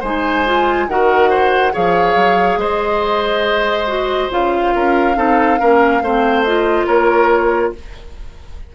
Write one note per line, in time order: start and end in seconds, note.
0.00 0.88 G#3
0.00 0.46 D#4
0.00 0.86 C5
0.00 0.89 G#5
0.46 0.89 F4
0.88 1.73 D#3
0.88 1.72 F#4
0.88 1.30 A#4
0.88 1.74 F#5
1.30 1.73 C5
1.72 2.16 F3
1.72 3.86 G#4
1.72 2.59 C#5
1.72 2.61 F5
2.16 2.57 F#3
2.57 4.28 G#3
2.57 4.74 C5
2.57 4.32 D#5
3.87 4.30 F#4
4.31 4.74 C#3
4.31 5.15 F4
4.31 6.44 F5
4.76 5.17 C#4
4.76 5.17 A#4
5.15 5.59 C4
5.15 5.58 D#4
5.15 5.59 A4
5.59 6.02 A#3
5.59 6.02 C#4
5.59 6.02 A#4
6.02 6.87 A3
6.02 6.47 C4
6.02 6.87 C5
6.44 7.75 F4
6.44 6.86 D#5
6.87 7.72 A#3
6.87 7.72 A#4
6.87 7.72 C#5